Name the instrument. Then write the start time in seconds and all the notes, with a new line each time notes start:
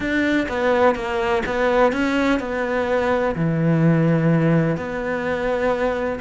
cello
0.00 D4
0.48 B3
0.95 A#3
1.46 B3
1.92 C#4
2.39 B3
3.35 E3
4.76 B3